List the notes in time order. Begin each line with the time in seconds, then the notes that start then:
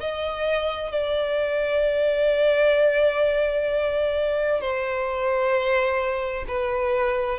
0.00 D#5
0.92 D5
4.61 C5
6.48 B4